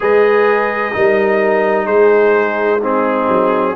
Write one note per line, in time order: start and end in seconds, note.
0.00 0.95 G#3
0.00 0.92 G#4
0.00 0.95 B4
0.00 1.86 D#5
0.92 1.87 G3
0.92 2.80 D#4
0.92 1.85 A#4
1.85 3.28 G#3
1.85 2.79 G#4
1.85 2.80 C5
2.79 3.75 C4
2.79 3.72 D#4
2.79 3.75 G#4
3.28 3.75 F#3